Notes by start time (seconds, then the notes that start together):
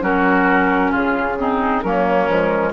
0.00 F#3 C#4 F#4 A#4
0.91 C#3 F4 G#4
1.38 C4 D#4
1.82 F#3 A#3 C#4 A#4
2.28 F3 G#3